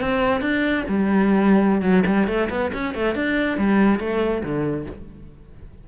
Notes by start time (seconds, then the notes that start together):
0.00 C4
0.41 D4
0.88 G3
1.81 F#3
2.06 G3
2.27 A3
2.50 B3
2.74 C#4
2.95 A3
3.15 D4
3.58 G3
3.99 A3
4.43 D3